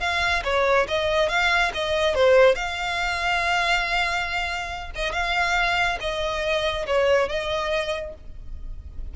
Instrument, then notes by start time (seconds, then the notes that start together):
violin
0.00 F5
0.44 C#5
0.88 D#5
1.29 F5
1.74 D#5
2.15 C5
2.55 F5
4.96 D#5
5.13 F5
6.01 D#5
6.86 C#5
7.29 D#5